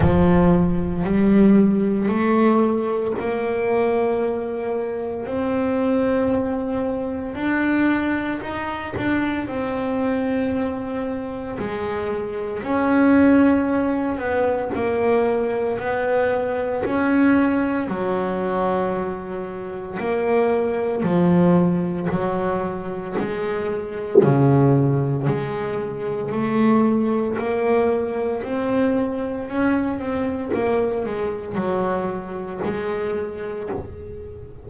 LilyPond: \new Staff \with { instrumentName = "double bass" } { \time 4/4 \tempo 4 = 57 f4 g4 a4 ais4~ | ais4 c'2 d'4 | dis'8 d'8 c'2 gis4 | cis'4. b8 ais4 b4 |
cis'4 fis2 ais4 | f4 fis4 gis4 cis4 | gis4 a4 ais4 c'4 | cis'8 c'8 ais8 gis8 fis4 gis4 | }